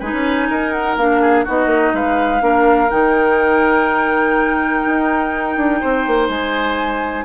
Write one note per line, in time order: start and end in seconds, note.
0.00 0.13 G#3
0.00 0.99 D#4
0.00 0.48 B4
0.00 0.72 G#5
0.13 0.49 C#4
0.49 0.97 D#4
0.49 1.21 A#4
0.72 0.96 F#5
0.97 1.46 A#3
0.97 1.47 D4
0.97 1.45 F5
1.21 1.45 G#4
1.45 1.66 B3
1.45 2.40 D#4
1.45 1.93 F#4
1.45 1.96 D#5
1.66 1.90 A#3
1.93 2.42 G#3
1.93 2.43 B4
1.93 2.90 F5
2.40 2.90 A#3
2.40 2.89 D4
2.40 5.81 A#4
2.90 4.86 D#3
2.90 7.26 D#4
2.90 6.29 G5
4.86 5.57 D#4
5.57 5.81 D4
5.81 6.07 C4
5.81 7.26 C5
6.07 6.29 A#3
6.29 7.25 G#3
6.29 7.26 G#5